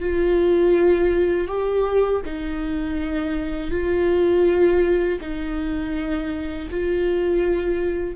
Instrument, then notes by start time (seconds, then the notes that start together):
viola
0.00 F4
1.47 G4
2.25 D#4
3.71 F4
5.21 D#4
6.70 F4